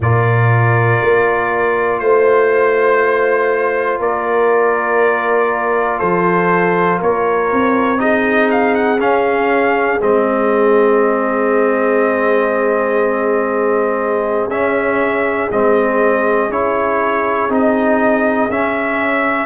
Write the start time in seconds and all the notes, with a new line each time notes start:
0.00 A#2 F4 A#4 D5
1.01 A#3
1.99 A3 C5
3.99 A#3 A#4 D5
5.99 F3 A4 C5
6.98 A#3 A#4 C#5
7.51 C4
7.97 D#4 G#4 D#5
8.51 F5
8.74 F#5
8.98 C#4 F5
10.00 G#3 C4 D#5
14.47 C#4 E5
15.51 G#3 C4 D#5
16.48 C#4 E4 C#5
17.49 C4 D#4 D#5
18.49 C#4 E5